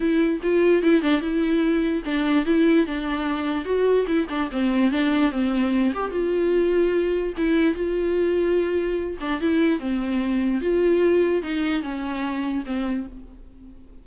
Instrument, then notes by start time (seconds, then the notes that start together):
viola
0.00 E4
0.42 F4
0.82 E4
1.02 D4
1.21 E4
2.04 D4
2.45 E4
2.86 D4
3.64 F#4
4.07 E4
4.29 D4
4.51 C4
4.91 D4
5.31 C4
5.94 G4
6.10 F4
7.37 E4
7.74 F4
9.20 D4
9.40 E4
9.79 C4
10.61 F4
11.42 D#4
11.82 C#4
12.65 C4